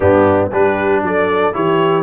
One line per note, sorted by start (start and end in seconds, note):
0.00 0.51 G2
0.00 0.51 B3
0.00 0.50 D4
0.00 0.49 G4
0.50 1.02 G3
0.50 1.52 D4
0.50 1.01 G4
0.50 1.04 B4
1.02 1.53 F#3
1.02 1.54 A4
1.02 1.54 D5
1.52 2.02 E3
1.52 2.02 E4
1.52 2.02 G4
1.52 2.02 C#5